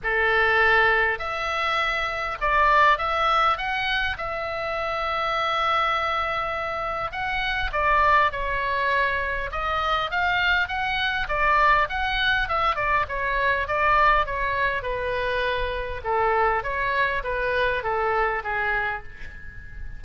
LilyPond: \new Staff \with { instrumentName = "oboe" } { \time 4/4 \tempo 4 = 101 a'2 e''2 | d''4 e''4 fis''4 e''4~ | e''1 | fis''4 d''4 cis''2 |
dis''4 f''4 fis''4 d''4 | fis''4 e''8 d''8 cis''4 d''4 | cis''4 b'2 a'4 | cis''4 b'4 a'4 gis'4 | }